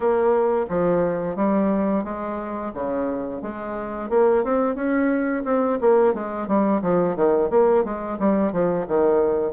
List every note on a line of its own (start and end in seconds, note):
0.00 0.66 A#3
0.68 1.36 F3
1.36 2.04 G3
2.04 2.72 G#3
2.73 3.42 C#3
3.42 4.09 G#3
4.09 4.43 A#3
4.43 4.75 C4
4.75 5.43 C#4
5.44 5.78 C4
5.80 6.14 A#3
6.14 6.47 G#3
6.47 6.82 G3
6.82 7.16 F3
7.16 7.50 D#3
7.50 7.84 A#3
7.84 8.18 G#3
8.19 8.52 G3
8.52 8.86 F3
8.87 9.53 D#3